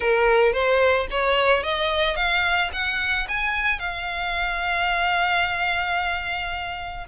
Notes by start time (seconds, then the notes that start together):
0.00 A#4
0.52 C5
1.10 C#5
1.63 D#5
2.15 F5
2.72 F#5
3.28 G#5
3.79 F5